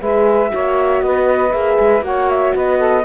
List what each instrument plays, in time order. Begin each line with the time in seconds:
0.00 cello G#3, horn G#4, saxophone B4, flute E5
0.49 cello A#3, horn F#4, saxophone C#5
1.02 cello B3, saxophone B4, flute D#5
1.51 cello A#3, horn G#4, flute E5
1.79 cello G#3
2.01 cello A#3, horn F#4, saxophone C#5, flute F#5
2.30 flute E5
2.54 cello B3, saxophone B4, flute D#5
2.78 saxophone A4